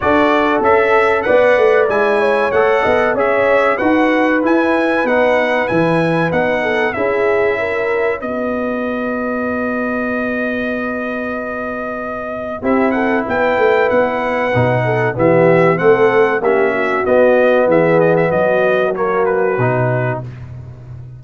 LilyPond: <<
  \new Staff \with { instrumentName = "trumpet" } { \time 4/4 \tempo 4 = 95 d''4 e''4 fis''4 gis''4 | fis''4 e''4 fis''4 gis''4 | fis''4 gis''4 fis''4 e''4~ | e''4 dis''2.~ |
dis''1 | e''8 fis''8 g''4 fis''2 | e''4 fis''4 e''4 dis''4 | e''8 dis''16 e''16 dis''4 cis''8 b'4. | }
  \new Staff \with { instrumentName = "horn" } { \time 4/4 a'2 d''4. cis''8~ | cis''8 dis''8 cis''4 b'2~ | b'2~ b'8 a'8 gis'4 | ais'4 b'2.~ |
b'1 | g'8 a'8 b'2~ b'8 a'8 | g'4 a'4 g'8 fis'4. | gis'4 fis'2. | }
  \new Staff \with { instrumentName = "trombone" } { \time 4/4 fis'4 a'4 b'4 e'4 | a'4 gis'4 fis'4 e'4 | dis'4 e'4 dis'4 e'4~ | e'4 fis'2.~ |
fis'1 | e'2. dis'4 | b4 c'4 cis'4 b4~ | b2 ais4 dis'4 | }
  \new Staff \with { instrumentName = "tuba" } { \time 4/4 d'4 cis'4 b8 a8 gis4 | a8 b8 cis'4 dis'4 e'4 | b4 e4 b4 cis'4~ | cis'4 b2.~ |
b1 | c'4 b8 a8 b4 b,4 | e4 a4 ais4 b4 | e4 fis2 b,4 | }
>>